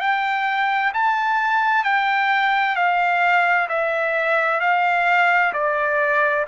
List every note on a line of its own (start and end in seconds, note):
0.00 0.92 G5
0.94 1.84 A5
1.84 2.76 G5
2.76 3.68 F5
3.69 4.61 E5
4.61 5.53 F5
5.53 6.46 D5